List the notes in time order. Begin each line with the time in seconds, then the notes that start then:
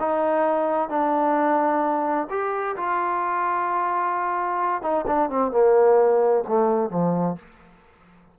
0.00 D#4
0.89 D4
2.30 G4
2.77 F4
4.83 D#4
5.07 D4
5.30 C4
5.52 A#3
6.48 A3
6.90 F3